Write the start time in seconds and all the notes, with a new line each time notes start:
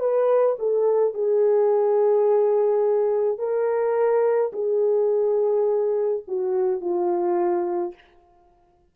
0.00 B4
0.60 A4
1.15 G#4
3.39 A#4
4.53 G#4
6.28 F#4
6.81 F4